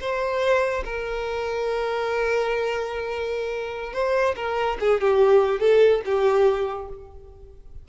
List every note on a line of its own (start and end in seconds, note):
0.00 0.83 C5
0.84 3.93 A#4
3.93 4.35 C5
4.35 4.77 A#4
4.80 5.01 G#4
5.01 5.60 G4
5.60 6.01 A4
6.05 6.88 G4